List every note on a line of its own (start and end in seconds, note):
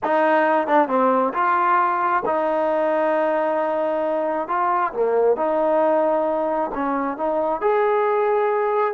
0.03 0.67 D#4
0.67 0.88 D4
0.88 1.33 C4
1.33 2.23 F4
2.25 4.48 D#4
4.48 4.93 F4
4.93 5.36 A#3
5.36 6.70 D#4
6.74 7.17 C#4
7.17 7.61 D#4
7.61 8.93 G#4